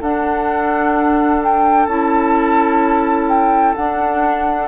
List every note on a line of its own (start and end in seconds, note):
0.00 1.87 D4
0.00 1.88 D4
0.00 4.68 A4
0.00 1.42 F#5
1.43 1.86 G5
1.86 3.74 C#4
1.86 3.76 E4
1.86 3.26 A5
3.28 3.75 G5
3.75 4.68 D4
3.75 4.68 F#5